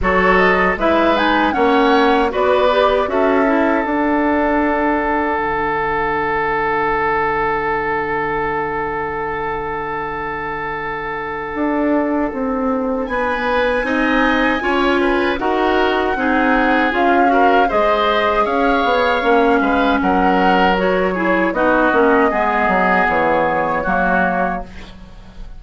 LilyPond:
<<
  \new Staff \with { instrumentName = "flute" } { \time 4/4 \tempo 4 = 78 cis''8 dis''8 e''8 gis''8 fis''4 d''4 | e''4 fis''2.~ | fis''1~ | fis''1~ |
fis''4 gis''2. | fis''2 f''4 dis''4 | f''2 fis''4 cis''4 | dis''2 cis''2 | }
  \new Staff \with { instrumentName = "oboe" } { \time 4/4 a'4 b'4 cis''4 b'4 | a'1~ | a'1~ | a'1~ |
a'4 b'4 dis''4 cis''8 b'8 | ais'4 gis'4. ais'8 c''4 | cis''4. b'8 ais'4. gis'8 | fis'4 gis'2 fis'4 | }
  \new Staff \with { instrumentName = "clarinet" } { \time 4/4 fis'4 e'8 dis'8 cis'4 fis'8 g'8 | fis'8 e'8 d'2.~ | d'1~ | d'1~ |
d'2 dis'4 f'4 | fis'4 dis'4 f'8 fis'8 gis'4~ | gis'4 cis'2 fis'8 e'8 | dis'8 cis'8 b2 ais4 | }
  \new Staff \with { instrumentName = "bassoon" } { \time 4/4 fis4 gis4 ais4 b4 | cis'4 d'2 d4~ | d1~ | d2. d'4 |
c'4 b4 c'4 cis'4 | dis'4 c'4 cis'4 gis4 | cis'8 b8 ais8 gis8 fis2 | b8 ais8 gis8 fis8 e4 fis4 | }
>>